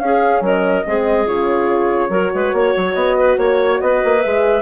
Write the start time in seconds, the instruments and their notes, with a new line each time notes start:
0.00 horn C#4, bassoon C#4, clarinet G#4, flute F5
0.41 bassoon F#3, clarinet A#4, flute D#5
0.85 bassoon G#3, horn C4, clarinet G#4
1.26 bassoon C#3, horn F4, flute C#5
2.10 bassoon F#3, horn F#4, clarinet A#4
2.35 bassoon G#3, clarinet B4
2.53 bassoon A#3, clarinet C#5
2.77 bassoon F#3
2.94 bassoon B3, flute D#5
3.18 clarinet B4
3.38 bassoon A#3, clarinet C#5, flute C#5
3.81 bassoon B3, clarinet B4, flute D#5
4.05 bassoon A#3
4.22 bassoon G#3, horn G#4, flute E5